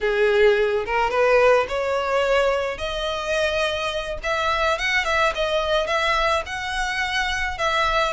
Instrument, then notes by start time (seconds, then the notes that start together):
violin
0.00 G#4
0.85 A#4
1.10 B4
1.68 C#5
2.78 D#5
4.23 E5
4.78 F#5
5.04 E5
5.34 D#5
5.86 E5
6.46 F#5
7.58 E5